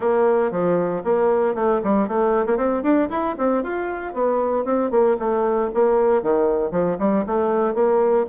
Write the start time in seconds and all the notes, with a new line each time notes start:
0.00 A#3
0.51 F3
1.03 A#3
1.54 A3
1.83 G3
2.08 A3
2.46 A#3
2.57 C4
2.83 D4
3.09 E4
3.38 C4
3.63 F4
4.13 B3
4.65 C4
4.90 A#3
5.19 A3
5.74 A#3
6.22 D#3
6.71 F3
6.99 G3
7.26 A3
7.74 A#3